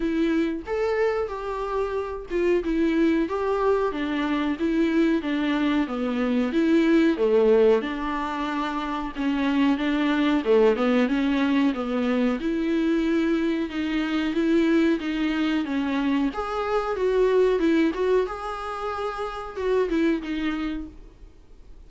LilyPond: \new Staff \with { instrumentName = "viola" } { \time 4/4 \tempo 4 = 92 e'4 a'4 g'4. f'8 | e'4 g'4 d'4 e'4 | d'4 b4 e'4 a4 | d'2 cis'4 d'4 |
a8 b8 cis'4 b4 e'4~ | e'4 dis'4 e'4 dis'4 | cis'4 gis'4 fis'4 e'8 fis'8 | gis'2 fis'8 e'8 dis'4 | }